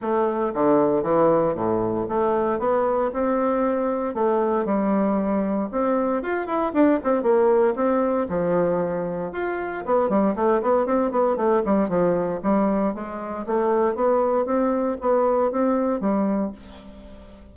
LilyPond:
\new Staff \with { instrumentName = "bassoon" } { \time 4/4 \tempo 4 = 116 a4 d4 e4 a,4 | a4 b4 c'2 | a4 g2 c'4 | f'8 e'8 d'8 c'8 ais4 c'4 |
f2 f'4 b8 g8 | a8 b8 c'8 b8 a8 g8 f4 | g4 gis4 a4 b4 | c'4 b4 c'4 g4 | }